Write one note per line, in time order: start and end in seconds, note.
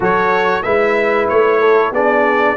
0.00 0.63 F#3
0.00 0.63 F#4
0.00 0.63 A4
0.00 0.62 C#5
0.62 1.28 G#3
0.62 1.93 E4
0.62 1.59 B4
0.62 1.27 E5
1.28 1.91 A3
1.28 1.92 C#5
1.59 1.91 A4
1.91 2.55 B3
1.91 2.56 D4
1.91 2.55 G#4
1.91 2.56 D5